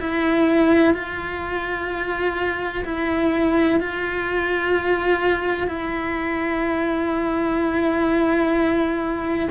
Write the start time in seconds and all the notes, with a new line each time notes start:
0.00 E4
0.94 F4
2.84 E4
3.80 F4
5.68 E4